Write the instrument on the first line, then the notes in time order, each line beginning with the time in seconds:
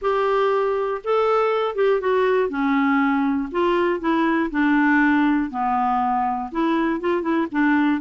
clarinet
0.01 G4
1.04 A4
1.75 G4
2.00 F#4
2.49 C#4
3.51 F4
4.00 E4
4.50 D4
5.50 B3
6.51 E4
7.00 F4
7.21 E4
7.51 D4